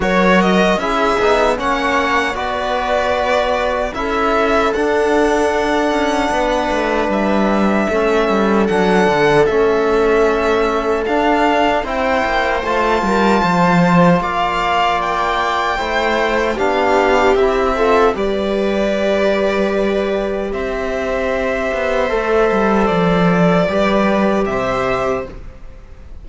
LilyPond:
<<
  \new Staff \with { instrumentName = "violin" } { \time 4/4 \tempo 4 = 76 cis''8 dis''8 e''4 fis''4 d''4~ | d''4 e''4 fis''2~ | fis''4 e''2 fis''4 | e''2 f''4 g''4 |
a''2 f''4 g''4~ | g''4 f''4 e''4 d''4~ | d''2 e''2~ | e''4 d''2 e''4 | }
  \new Staff \with { instrumentName = "viola" } { \time 4/4 ais'4 gis'4 cis''4 b'4~ | b'4 a'2. | b'2 a'2~ | a'2. c''4~ |
c''8 ais'8 c''4 d''2 | c''4 g'4. a'8 b'4~ | b'2 c''2~ | c''2 b'4 c''4 | }
  \new Staff \with { instrumentName = "trombone" } { \time 4/4 fis'4 e'8 dis'8 cis'4 fis'4~ | fis'4 e'4 d'2~ | d'2 cis'4 d'4 | cis'2 d'4 e'4 |
f'1 | e'4 d'4 e'8 f'8 g'4~ | g'1 | a'2 g'2 | }
  \new Staff \with { instrumentName = "cello" } { \time 4/4 fis4 cis'8 b8 ais4 b4~ | b4 cis'4 d'4. cis'8 | b8 a8 g4 a8 g8 fis8 d8 | a2 d'4 c'8 ais8 |
a8 g8 f4 ais2 | a4 b4 c'4 g4~ | g2 c'4. b8 | a8 g8 f4 g4 c4 | }
>>